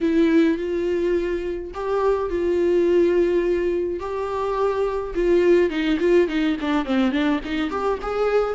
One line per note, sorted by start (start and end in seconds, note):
0.00 0.57 E4
0.57 1.72 F4
1.74 2.29 G4
2.29 3.99 F4
3.99 5.14 G4
5.14 5.69 F4
5.69 5.98 D#4
5.99 6.28 F4
6.28 6.56 D#4
6.60 6.85 D4
6.85 7.11 C4
7.11 7.40 D4
7.44 7.70 D#4
7.70 7.98 G4
8.02 8.54 G#4